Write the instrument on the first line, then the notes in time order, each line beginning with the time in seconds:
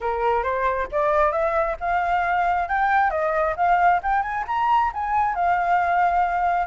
flute
0.00 A#4
0.43 C5
0.91 D5
1.32 E5
1.80 F5
2.68 G5
3.10 D#5
3.56 F5
4.02 G5
4.22 G#5
4.47 A#5
4.93 G#5
5.35 F5